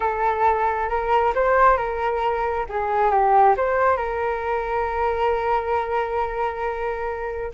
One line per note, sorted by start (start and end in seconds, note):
0.00 0.89 A4
0.89 1.33 A#4
1.35 1.77 C5
1.77 2.65 A#4
2.69 3.10 G#4
3.10 3.55 G4
3.56 3.96 C5
3.96 7.52 A#4